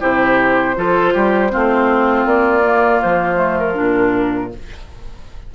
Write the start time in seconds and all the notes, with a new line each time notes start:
0.00 C3 E4 G4 C5
0.76 F3 F4 A4
1.14 G3 G4
1.50 A3 C4 F4
2.26 A#3 D5
2.64 A#3
3.02 F3 C5
3.35 A3
3.59 A#4
3.74 A#2 D4